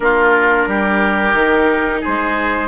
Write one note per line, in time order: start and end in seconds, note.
0.00 0.66 A#3
0.00 1.34 D4
0.00 0.68 F4
0.00 2.02 A#4
0.67 1.34 G3
0.67 2.00 G4
1.34 2.01 D#3
1.34 2.68 D#4
2.00 2.68 G#4
2.00 2.68 C5
2.07 2.68 G#3